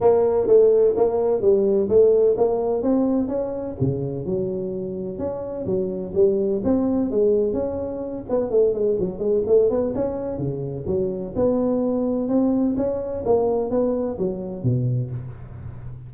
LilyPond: \new Staff \with { instrumentName = "tuba" } { \time 4/4 \tempo 4 = 127 ais4 a4 ais4 g4 | a4 ais4 c'4 cis'4 | cis4 fis2 cis'4 | fis4 g4 c'4 gis4 |
cis'4. b8 a8 gis8 fis8 gis8 | a8 b8 cis'4 cis4 fis4 | b2 c'4 cis'4 | ais4 b4 fis4 b,4 | }